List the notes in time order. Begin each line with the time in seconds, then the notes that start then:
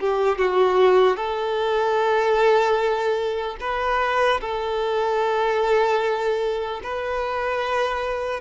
0.00 G4
0.38 F#4
1.16 A4
3.60 B4
4.41 A4
6.83 B4